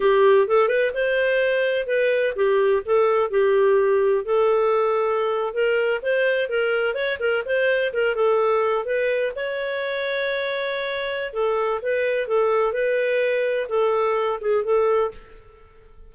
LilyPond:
\new Staff \with { instrumentName = "clarinet" } { \time 4/4 \tempo 4 = 127 g'4 a'8 b'8 c''2 | b'4 g'4 a'4 g'4~ | g'4 a'2~ a'8. ais'16~ | ais'8. c''4 ais'4 cis''8 ais'8 c''16~ |
c''8. ais'8 a'4. b'4 cis''16~ | cis''1 | a'4 b'4 a'4 b'4~ | b'4 a'4. gis'8 a'4 | }